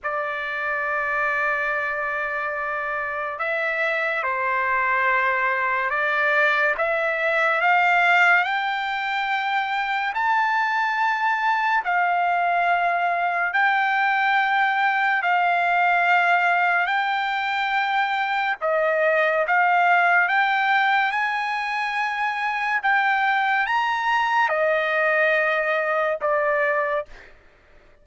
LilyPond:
\new Staff \with { instrumentName = "trumpet" } { \time 4/4 \tempo 4 = 71 d''1 | e''4 c''2 d''4 | e''4 f''4 g''2 | a''2 f''2 |
g''2 f''2 | g''2 dis''4 f''4 | g''4 gis''2 g''4 | ais''4 dis''2 d''4 | }